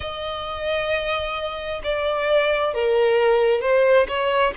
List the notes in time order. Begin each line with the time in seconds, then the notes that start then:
0.00 D#5
1.83 D5
2.74 A#4
3.61 C5
4.07 C#5